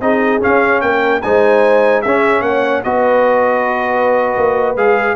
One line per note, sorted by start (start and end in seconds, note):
0.00 0.41 C4
0.00 0.40 D#4
0.00 0.82 G#4
0.00 0.41 D#5
0.40 1.21 C#4
0.40 0.82 C#4
0.40 0.81 F5
0.81 1.22 A#3
0.81 1.23 A#4
0.81 1.21 G5
1.21 2.05 G#3
1.21 2.04 D#4
1.21 2.02 C5
1.21 2.01 G#5
2.01 2.41 C#4
2.01 2.84 C#4
2.01 2.43 G#4
2.01 2.41 E5
2.41 2.82 A#3
2.41 2.84 C#5
2.41 2.82 F#5
2.83 4.36 B3
2.83 4.77 F#4
2.83 5.15 B4
2.83 4.76 D#5
4.36 4.76 A#3
4.76 5.15 G#3
4.76 5.15 G#4
4.76 5.15 F5